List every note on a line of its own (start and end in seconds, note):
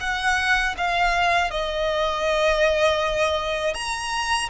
0.00 0.75 F#5
0.77 1.50 F5
1.50 3.74 D#5
3.74 4.49 A#5